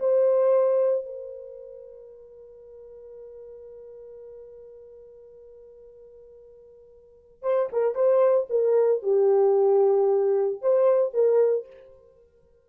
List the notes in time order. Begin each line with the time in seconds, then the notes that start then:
0.00 C5
1.06 A#4
7.43 C5
7.73 A#4
7.95 C5
8.50 A#4
9.03 G4
10.62 C5
11.14 A#4